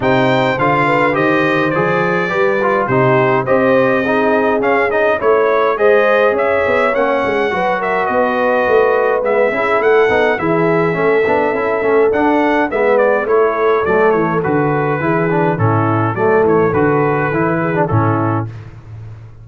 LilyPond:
<<
  \new Staff \with { instrumentName = "trumpet" } { \time 4/4 \tempo 4 = 104 g''4 f''4 dis''4 d''4~ | d''4 c''4 dis''2 | f''8 dis''8 cis''4 dis''4 e''4 | fis''4. e''8 dis''2 |
e''4 fis''4 e''2~ | e''4 fis''4 e''8 d''8 cis''4 | d''8 cis''8 b'2 a'4 | d''8 cis''8 b'2 a'4 | }
  \new Staff \with { instrumentName = "horn" } { \time 4/4 c''4. b'8 c''2 | b'4 g'4 c''4 gis'4~ | gis'4 cis''4 c''4 cis''4~ | cis''4 b'8 ais'8 b'2~ |
b'8 gis'8 a'4 gis'4 a'4~ | a'2 b'4 a'4~ | a'2 gis'4 e'4 | a'2~ a'8 gis'8 e'4 | }
  \new Staff \with { instrumentName = "trombone" } { \time 4/4 dis'4 f'4 g'4 gis'4 | g'8 f'8 dis'4 g'4 dis'4 | cis'8 dis'8 e'4 gis'2 | cis'4 fis'2. |
b8 e'4 dis'8 e'4 cis'8 d'8 | e'8 cis'8 d'4 b4 e'4 | a4 fis'4 e'8 d'8 cis'4 | a4 fis'4 e'8. d'16 cis'4 | }
  \new Staff \with { instrumentName = "tuba" } { \time 4/4 c4 d4 dis4 f4 | g4 c4 c'2 | cis'4 a4 gis4 cis'8 b8 | ais8 gis8 fis4 b4 a4 |
gis8 cis'8 a8 b8 e4 a8 b8 | cis'8 a8 d'4 gis4 a4 | fis8 e8 d4 e4 a,4 | fis8 e8 d4 e4 a,4 | }
>>